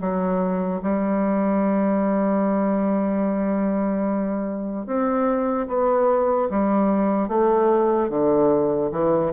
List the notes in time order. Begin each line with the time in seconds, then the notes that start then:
0.00 F#3
0.83 G3
4.86 C4
5.68 B3
6.50 G3
7.28 A3
8.09 D3
8.92 E3